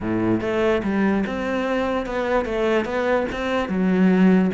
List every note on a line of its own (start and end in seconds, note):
0.00 0.41 A2
0.41 0.82 A3
0.83 1.24 G3
1.26 2.05 C4
2.05 2.45 B3
2.45 2.85 A3
2.85 3.26 B3
3.32 3.68 C4
3.68 4.51 F#3